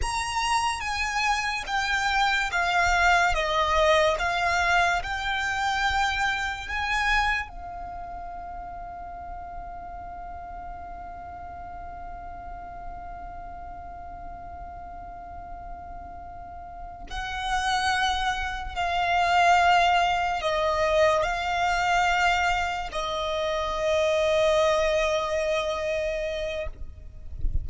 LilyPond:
\new Staff \with { instrumentName = "violin" } { \time 4/4 \tempo 4 = 72 ais''4 gis''4 g''4 f''4 | dis''4 f''4 g''2 | gis''4 f''2.~ | f''1~ |
f''1~ | f''8 fis''2 f''4.~ | f''8 dis''4 f''2 dis''8~ | dis''1 | }